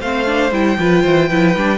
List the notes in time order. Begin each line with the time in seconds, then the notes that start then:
0.00 A3 C4 C5 F5
0.25 D4
0.51 G3 E4 G5
0.78 F3 F4 B4
1.02 E3 C5
1.28 F3 E4 B4
1.55 G3 D4